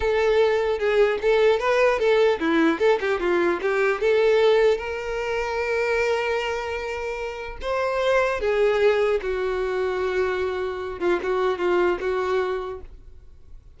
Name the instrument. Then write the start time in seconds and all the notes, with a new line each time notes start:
violin
0.00 A4
0.78 G#4
1.21 A4
1.59 B4
1.99 A4
2.39 E4
2.79 A4
3.00 G4
3.19 F4
3.61 G4
4.01 A4
4.77 A#4
7.61 C5
8.40 G#4
9.22 F#4
10.99 F4
11.23 F#4
11.58 F4
12.00 F#4